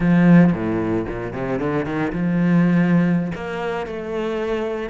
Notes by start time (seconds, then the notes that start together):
0.00 F3
0.52 A2
1.08 A#2
1.33 C3
1.59 D3
1.85 D#3
2.12 F3
3.34 A#3
3.86 A3